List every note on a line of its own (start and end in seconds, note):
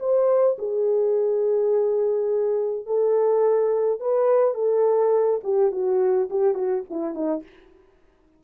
0.00 0.57 C5
0.58 2.86 G#4
2.86 4.00 A4
4.00 4.55 B4
4.55 5.40 A4
5.44 5.72 G4
5.72 6.29 F#4
6.30 6.55 G4
6.55 6.83 F#4
6.90 7.15 E4
7.15 7.43 D#4